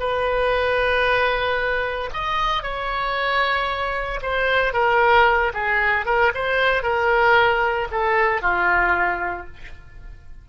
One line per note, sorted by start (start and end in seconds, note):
0.00 2.11 B4
2.14 2.63 D#5
2.63 4.21 C#5
4.22 4.74 C5
4.74 5.53 A#4
5.54 6.06 G#4
6.06 6.32 A#4
6.35 6.83 C5
6.83 7.89 A#4
7.92 8.42 A4
8.42 9.47 F4